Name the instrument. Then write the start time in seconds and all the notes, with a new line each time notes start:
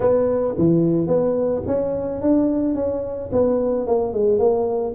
tuba
0.00 B3
0.58 E3
1.07 B3
1.66 C#4
2.21 D4
2.74 C#4
3.32 B3
3.86 A#3
4.13 G#3
4.39 A#3